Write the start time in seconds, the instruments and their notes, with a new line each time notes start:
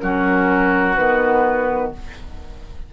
0.00 bassoon F#3, clarinet C#4, oboe F#4, flute A#4
0.96 bassoon D#3, clarinet B3, flute B4